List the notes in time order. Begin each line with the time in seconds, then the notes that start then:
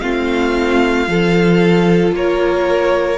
0.00 A3 C4 F4 F5
1.06 F3 F4 A4
2.12 A#3 A#4 C#5